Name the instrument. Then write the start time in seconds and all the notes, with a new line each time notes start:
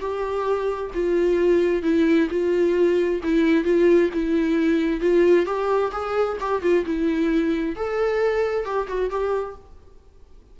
viola
0.00 G4
0.94 F4
1.83 E4
2.30 F4
3.23 E4
3.64 F4
4.13 E4
5.00 F4
5.46 G4
5.92 G#4
6.40 G4
6.62 F4
6.85 E4
7.76 A4
8.65 G4
8.88 F#4
9.10 G4